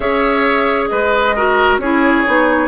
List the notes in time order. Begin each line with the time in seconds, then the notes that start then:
0.00 C#4 G#4 C#5 E5
0.87 G#3 B4 D#5
1.35 F#4 A#4
1.78 C#4 E4 G#4 C#5
2.26 B3 D#4